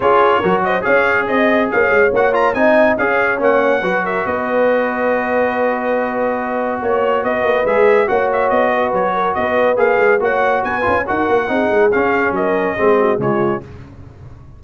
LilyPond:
<<
  \new Staff \with { instrumentName = "trumpet" } { \time 4/4 \tempo 4 = 141 cis''4. dis''8 f''4 dis''4 | f''4 fis''8 ais''8 gis''4 f''4 | fis''4. e''8 dis''2~ | dis''1 |
cis''4 dis''4 e''4 fis''8 e''8 | dis''4 cis''4 dis''4 f''4 | fis''4 gis''4 fis''2 | f''4 dis''2 cis''4 | }
  \new Staff \with { instrumentName = "horn" } { \time 4/4 gis'4 ais'8 c''8 cis''4 dis''4 | cis''2 dis''4 cis''4~ | cis''4 b'8 ais'8 b'2~ | b'1 |
cis''4 b'2 cis''4~ | cis''8 b'4 ais'8 b'2 | cis''4 b'4 ais'4 gis'4~ | gis'4 ais'4 gis'8 fis'8 f'4 | }
  \new Staff \with { instrumentName = "trombone" } { \time 4/4 f'4 fis'4 gis'2~ | gis'4 fis'8 f'8 dis'4 gis'4 | cis'4 fis'2.~ | fis'1~ |
fis'2 gis'4 fis'4~ | fis'2. gis'4 | fis'4. f'8 fis'4 dis'4 | cis'2 c'4 gis4 | }
  \new Staff \with { instrumentName = "tuba" } { \time 4/4 cis'4 fis4 cis'4 c'4 | ais8 gis8 ais4 c'4 cis'4 | ais4 fis4 b2~ | b1 |
ais4 b8 ais8 gis4 ais4 | b4 fis4 b4 ais8 gis8 | ais4 b8 cis'8 dis'8 ais8 c'8 gis8 | cis'4 fis4 gis4 cis4 | }
>>